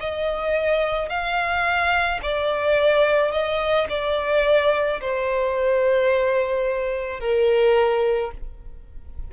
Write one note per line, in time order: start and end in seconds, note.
0.00 1.09 D#5
1.09 2.20 F5
2.22 3.32 D5
3.32 3.87 D#5
3.89 5.00 D5
5.01 7.20 C5
7.20 8.31 A#4